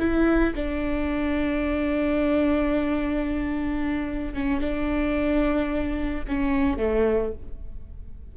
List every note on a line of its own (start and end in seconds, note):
0.00 0.55 E4
0.55 4.34 D4
4.34 4.61 C#4
4.61 6.25 D4
6.28 6.78 C#4
6.78 7.33 A3